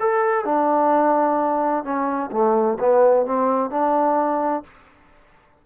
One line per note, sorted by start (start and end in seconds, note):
0.00 0.45 A4
0.45 1.84 D4
1.84 2.30 C#4
2.32 2.78 A3
2.80 3.26 B3
3.26 3.70 C4
3.70 4.63 D4